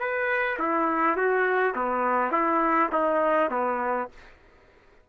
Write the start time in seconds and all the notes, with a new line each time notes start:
0.00 B4
0.59 E4
1.17 F#4
1.76 B3
2.32 E4
2.92 D#4
3.51 B3